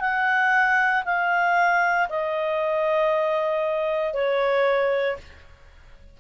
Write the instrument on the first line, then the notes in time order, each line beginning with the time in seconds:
clarinet
0.00 F#5
1.05 F5
2.09 D#5
4.13 C#5